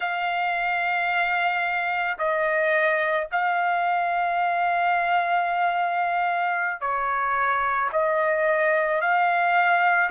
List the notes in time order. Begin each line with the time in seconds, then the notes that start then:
0.00 F5
2.18 D#5
3.31 F5
6.80 C#5
7.92 D#5
9.00 F5